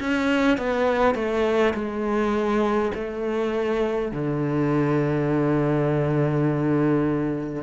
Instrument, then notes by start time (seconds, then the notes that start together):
cello
0.00 C#4
0.58 B3
1.14 A3
1.74 G#3
2.94 A3
4.12 D3